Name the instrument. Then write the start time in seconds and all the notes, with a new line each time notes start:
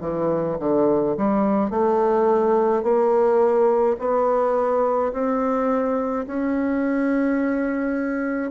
bassoon
0.00 E3
0.59 D3
1.17 G3
1.70 A3
2.83 A#3
3.99 B3
5.13 C4
6.27 C#4